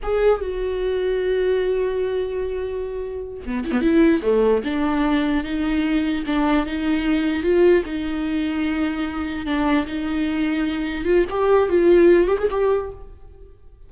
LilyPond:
\new Staff \with { instrumentName = "viola" } { \time 4/4 \tempo 4 = 149 gis'4 fis'2.~ | fis'1~ | fis'8 b8 e'16 b16 e'4 a4 d'8~ | d'4. dis'2 d'8~ |
d'8 dis'2 f'4 dis'8~ | dis'2.~ dis'8 d'8~ | d'8 dis'2. f'8 | g'4 f'4. g'16 gis'16 g'4 | }